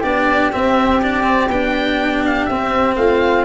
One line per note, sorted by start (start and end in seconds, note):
0.00 0.53 B3
0.00 0.52 D4
0.00 2.95 G4
0.00 0.52 D5
0.52 1.02 C4
0.52 1.49 C4
0.52 1.01 E5
1.02 1.23 D4
1.02 1.50 D5
1.23 1.48 C4
1.49 2.47 B3
1.49 2.50 D4
1.49 2.24 G5
2.25 2.45 F5
2.45 2.96 C4
2.45 3.45 C4
2.45 2.95 E5
2.96 3.45 A3
2.96 3.45 F4
2.96 3.45 F5